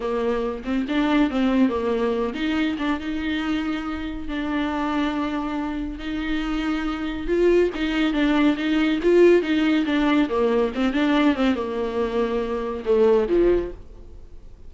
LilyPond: \new Staff \with { instrumentName = "viola" } { \time 4/4 \tempo 4 = 140 ais4. c'8 d'4 c'4 | ais4. dis'4 d'8 dis'4~ | dis'2 d'2~ | d'2 dis'2~ |
dis'4 f'4 dis'4 d'4 | dis'4 f'4 dis'4 d'4 | ais4 c'8 d'4 c'8 ais4~ | ais2 a4 f4 | }